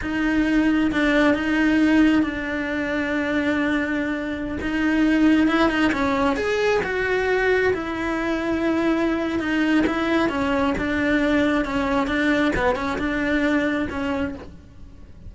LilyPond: \new Staff \with { instrumentName = "cello" } { \time 4/4 \tempo 4 = 134 dis'2 d'4 dis'4~ | dis'4 d'2.~ | d'2~ d'16 dis'4.~ dis'16~ | dis'16 e'8 dis'8 cis'4 gis'4 fis'8.~ |
fis'4~ fis'16 e'2~ e'8.~ | e'4 dis'4 e'4 cis'4 | d'2 cis'4 d'4 | b8 cis'8 d'2 cis'4 | }